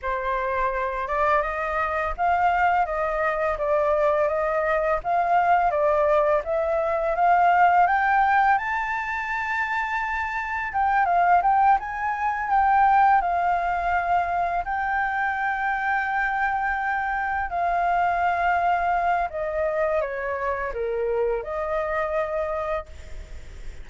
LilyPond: \new Staff \with { instrumentName = "flute" } { \time 4/4 \tempo 4 = 84 c''4. d''8 dis''4 f''4 | dis''4 d''4 dis''4 f''4 | d''4 e''4 f''4 g''4 | a''2. g''8 f''8 |
g''8 gis''4 g''4 f''4.~ | f''8 g''2.~ g''8~ | g''8 f''2~ f''8 dis''4 | cis''4 ais'4 dis''2 | }